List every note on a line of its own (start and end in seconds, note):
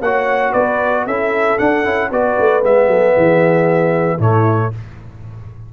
0.00 0.52 A#3
0.00 1.09 F#4
0.00 0.51 C#5
0.00 0.52 F#5
0.51 1.06 B3
0.51 1.03 B4
0.51 1.04 D5
1.06 1.58 C#4
1.06 1.58 E4
1.06 2.10 A4
1.06 1.58 E5
1.58 1.83 D4
1.58 1.84 D4
1.58 2.10 F#5
1.83 2.10 C#4
1.83 2.09 E4
2.10 2.37 B3
2.10 2.62 F#4
2.10 2.89 B4
2.10 2.64 D5
2.38 2.63 A3
2.62 2.87 G#3
2.62 4.18 B3
2.62 4.21 E5
2.87 3.13 F#3
2.87 3.14 A4
3.14 4.18 E3
3.14 4.17 G#4
4.17 4.71 A2
4.17 4.71 A3
4.17 4.69 E4
4.17 4.73 C#5